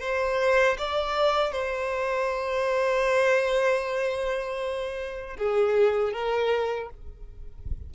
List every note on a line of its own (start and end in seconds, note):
0.00 0.77 C5
0.78 1.52 D5
1.52 5.36 C5
5.37 6.13 G#4
6.13 6.90 A#4